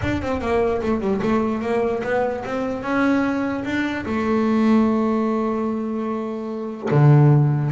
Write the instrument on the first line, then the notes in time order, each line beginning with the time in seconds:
double bass
0.01 D4
0.22 C4
0.40 A#3
0.81 A3
1.00 G3
1.22 A3
1.61 A#3
2.03 B3
2.44 C4
2.82 C#4
3.64 D4
4.05 A3
6.90 D3